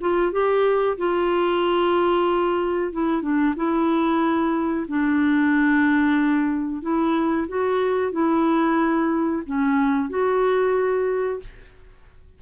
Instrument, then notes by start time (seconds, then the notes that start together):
clarinet
0.00 F4
0.32 G4
0.98 F4
2.92 E4
3.22 D4
3.56 E4
4.88 D4
6.82 E4
7.48 F#4
8.12 E4
9.46 C#4
10.09 F#4